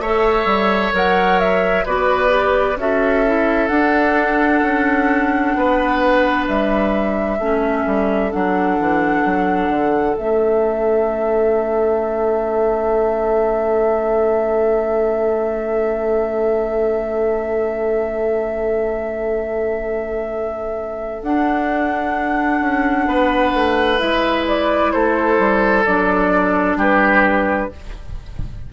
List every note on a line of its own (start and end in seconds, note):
0.00 0.45 A3
0.00 0.93 A4
0.00 1.85 C#5
0.00 0.93 E5
0.45 0.92 G3
0.93 1.86 F#3
0.93 1.85 A#4
0.93 1.39 F#5
1.39 1.86 E5
1.85 2.77 B3
1.85 2.29 F#4
1.85 2.78 B4
1.85 2.78 D5
2.29 2.75 G4
2.77 3.69 C#4
2.77 3.26 F#4
2.77 5.57 A4
2.77 3.68 E5
3.26 3.69 E4
3.68 7.38 D4
3.68 4.62 D4
3.68 6.45 F#5
4.63 5.55 C#4
5.56 6.48 B3
5.56 7.39 B4
6.48 7.39 G3
6.48 8.32 E5
7.39 7.85 A3
7.39 8.32 C#4
7.39 23.08 A4
7.86 8.32 G3
8.32 8.80 F#3
8.32 10.16 D4
8.32 10.17 F#5
8.80 9.25 E3
9.25 9.68 F#3
9.68 10.15 D3
10.16 21.23 A3
10.16 21.23 C#4
10.16 21.23 E5
21.23 22.61 D4
21.23 23.99 D4
21.23 23.99 F#5
22.61 23.07 C#4
23.07 23.53 B3
23.07 24.93 B4
23.54 24.01 A3
23.99 24.94 G#3
23.99 25.84 E4
23.99 24.46 E5
24.48 24.92 D5
24.92 25.39 A3
24.92 26.78 A4
24.92 25.84 C5
25.39 25.85 G3
25.85 26.76 F#3
25.85 27.72 D4
25.85 26.78 D5
26.76 27.68 G3
26.76 27.70 G4
26.76 27.73 B4